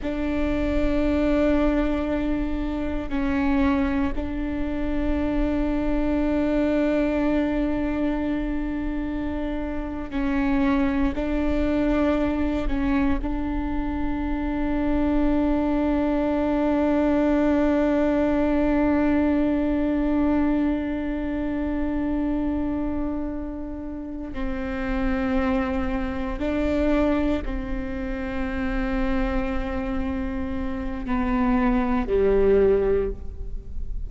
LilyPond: \new Staff \with { instrumentName = "viola" } { \time 4/4 \tempo 4 = 58 d'2. cis'4 | d'1~ | d'4.~ d'16 cis'4 d'4~ d'16~ | d'16 cis'8 d'2.~ d'16~ |
d'1~ | d'2.~ d'8 c'8~ | c'4. d'4 c'4.~ | c'2 b4 g4 | }